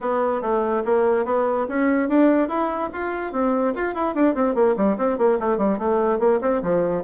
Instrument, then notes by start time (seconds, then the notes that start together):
bassoon
0.00 B3
0.41 A3
0.85 A#3
1.25 B3
1.68 C#4
2.09 D4
2.48 E4
2.92 F4
3.32 C4
3.74 F4
3.94 E4
4.15 D4
4.34 C4
4.54 A#3
4.76 G3
4.97 C4
5.18 A#3
5.39 A3
5.57 G3
5.78 A3
6.19 A#3
6.41 C4
6.62 F3